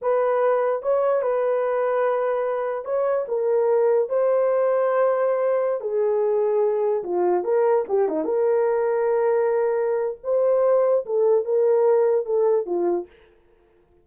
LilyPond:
\new Staff \with { instrumentName = "horn" } { \time 4/4 \tempo 4 = 147 b'2 cis''4 b'4~ | b'2. cis''4 | ais'2 c''2~ | c''2~ c''16 gis'4.~ gis'16~ |
gis'4~ gis'16 f'4 ais'4 g'8 dis'16~ | dis'16 ais'2.~ ais'8.~ | ais'4 c''2 a'4 | ais'2 a'4 f'4 | }